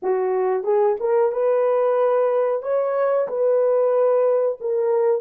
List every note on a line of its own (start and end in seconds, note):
0.02 0.63 F#4
0.63 0.96 G#4
1.00 1.32 A#4
1.32 2.62 B4
2.62 3.27 C#5
3.28 4.58 B4
4.60 5.21 A#4